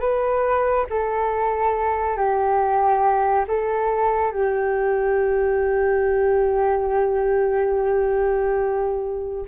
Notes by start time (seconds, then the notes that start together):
0.00 B4
0.90 A4
2.17 G4
3.48 A4
4.32 G4